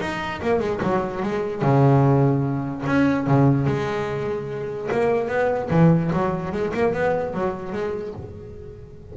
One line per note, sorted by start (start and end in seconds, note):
0.00 0.41 D#4
0.42 0.60 A#3
0.60 0.80 G#3
0.83 1.22 F#3
1.22 1.62 G#3
1.62 2.84 C#3
2.86 3.26 C#4
3.26 3.66 C#3
3.66 4.89 G#3
4.91 5.28 A#3
5.28 5.69 B3
5.70 6.11 E3
6.12 6.52 F#3
6.52 6.73 G#3
6.74 6.93 A#3
6.93 7.34 B3
7.34 7.73 F#3
7.73 8.13 G#3